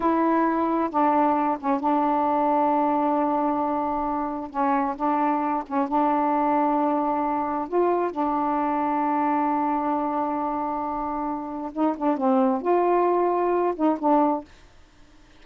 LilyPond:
\new Staff \with { instrumentName = "saxophone" } { \time 4/4 \tempo 4 = 133 e'2 d'4. cis'8 | d'1~ | d'2 cis'4 d'4~ | d'8 cis'8 d'2.~ |
d'4 f'4 d'2~ | d'1~ | d'2 dis'8 d'8 c'4 | f'2~ f'8 dis'8 d'4 | }